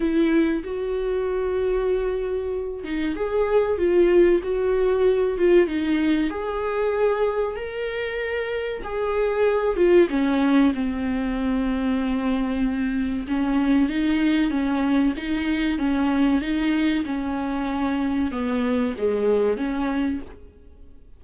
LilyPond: \new Staff \with { instrumentName = "viola" } { \time 4/4 \tempo 4 = 95 e'4 fis'2.~ | fis'8 dis'8 gis'4 f'4 fis'4~ | fis'8 f'8 dis'4 gis'2 | ais'2 gis'4. f'8 |
cis'4 c'2.~ | c'4 cis'4 dis'4 cis'4 | dis'4 cis'4 dis'4 cis'4~ | cis'4 b4 gis4 cis'4 | }